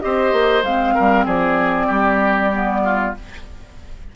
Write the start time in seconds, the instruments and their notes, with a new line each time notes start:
0.00 bassoon C4, clarinet G4, oboe C5, flute D#5
0.32 bassoon A#3
0.63 bassoon G#3, clarinet C4, flute F5
0.94 bassoon G3, oboe A#4
1.25 bassoon F3, oboe G#4, flute D5
1.87 bassoon G3, oboe G4
2.52 clarinet B3
2.84 oboe F4